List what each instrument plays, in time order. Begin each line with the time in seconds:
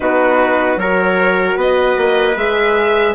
0.00 bassoon B3, horn D#4, trumpet F#4, violin B4
0.76 bassoon F#3, horn F#4, trumpet A#4, violin C#5
1.56 bassoon B3, trumpet B4, violin D#5
1.97 bassoon A#3
2.36 bassoon G#3, horn G#4, violin E5